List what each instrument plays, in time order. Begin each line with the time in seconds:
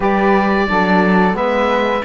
0.00 cello G3, saxophone G4, flute B4, oboe D5
0.67 cello F#3, saxophone D4, flute A4
1.32 cello G#3, saxophone B3, flute B4, oboe E5